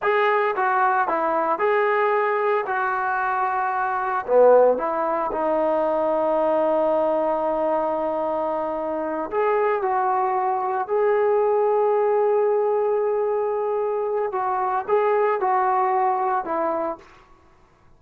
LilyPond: \new Staff \with { instrumentName = "trombone" } { \time 4/4 \tempo 4 = 113 gis'4 fis'4 e'4 gis'4~ | gis'4 fis'2. | b4 e'4 dis'2~ | dis'1~ |
dis'4. gis'4 fis'4.~ | fis'8 gis'2.~ gis'8~ | gis'2. fis'4 | gis'4 fis'2 e'4 | }